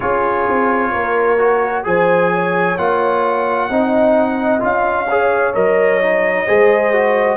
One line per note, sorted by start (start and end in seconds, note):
0.00 0.48 C#4
0.00 1.38 F4
0.00 0.91 G#4
0.00 1.84 C#5
0.48 0.93 C4
0.92 1.85 A#3
0.92 1.84 A#4
1.38 1.84 F#4
1.84 2.77 F3
1.84 2.76 G#4
1.84 2.31 C5
1.84 2.77 G#5
2.31 3.69 C#5
2.77 3.69 A#3
2.77 3.70 F4
2.77 4.62 F#5
3.69 4.61 C4
3.69 4.59 D#4
3.69 5.08 D#5
4.59 5.55 C#4
4.59 5.05 F4
4.59 5.54 F5
5.08 5.53 G#4
5.08 6.46 C#5
5.53 6.47 F#3
5.53 6.00 A#4
5.53 7.36 D#5
6.01 6.46 D#4
6.46 7.36 G#3
6.46 6.92 G#4
6.46 7.36 C5
6.92 7.36 F#4